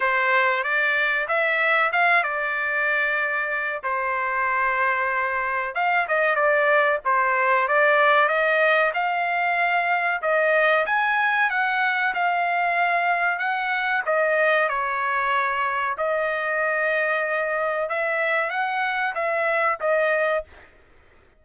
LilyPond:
\new Staff \with { instrumentName = "trumpet" } { \time 4/4 \tempo 4 = 94 c''4 d''4 e''4 f''8 d''8~ | d''2 c''2~ | c''4 f''8 dis''8 d''4 c''4 | d''4 dis''4 f''2 |
dis''4 gis''4 fis''4 f''4~ | f''4 fis''4 dis''4 cis''4~ | cis''4 dis''2. | e''4 fis''4 e''4 dis''4 | }